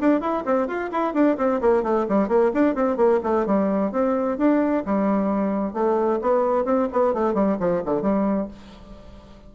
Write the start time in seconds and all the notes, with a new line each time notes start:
0.00 D4
0.20 E4
0.45 C4
0.67 F4
0.91 E4
1.13 D4
1.37 C4
1.61 A#3
1.83 A3
2.08 G3
2.28 A#3
2.53 D4
2.75 C4
2.96 A#3
3.23 A3
3.46 G3
3.91 C4
4.37 D4
4.85 G3
5.73 A3
6.21 B3
6.64 C4
6.93 B3
7.13 A3
7.34 G3
7.59 F3
7.85 D3
8.01 G3